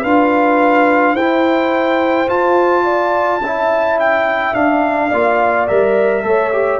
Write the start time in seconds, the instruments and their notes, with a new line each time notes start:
0.00 tuba D4, trombone F4, horn B4, trumpet F5
1.13 tuba E4, trombone E4, horn C5, trumpet G5
2.27 trombone F4, tuba F4, trumpet A5
2.83 horn D5
3.40 tuba C#4, trombone E4, horn E5
3.99 trumpet G5
4.53 trombone D4, tuba D4, trumpet F5
5.09 tuba A#3, trombone F4, horn D5
5.67 tuba G3, trombone A#4, trumpet E5
6.22 tuba A3, trombone A4, horn C#5
6.52 trombone G4